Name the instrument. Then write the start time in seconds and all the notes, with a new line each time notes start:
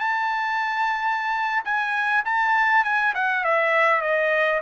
trumpet
0.00 A5
1.65 G#5
2.25 A5
2.84 G#5
3.15 F#5
3.44 E5
4.02 D#5